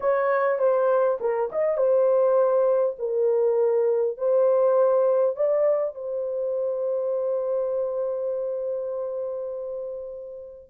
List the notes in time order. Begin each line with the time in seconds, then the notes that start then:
0.00 C#5
0.58 C5
1.20 A#4
1.51 D#5
1.77 C5
2.98 A#4
4.17 C5
5.36 D5
5.95 C5